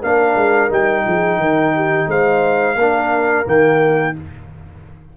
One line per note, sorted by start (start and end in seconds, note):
0.00 0.35 A#3
0.00 0.69 D4
0.00 1.03 A#4
0.00 0.72 F5
0.35 0.69 G#3
0.69 1.05 G3
0.69 2.76 D#4
0.69 2.09 G5
1.05 1.37 F3
1.05 1.39 G#4
1.37 2.06 D#3
1.37 1.75 A#4
1.75 2.08 G4
2.06 2.75 G#3
2.06 2.77 C5
2.06 3.47 F5
2.75 3.44 A#3
2.75 3.44 D4
2.75 4.15 A#4
3.44 4.15 D#3
3.44 4.13 A#3
3.44 4.17 G5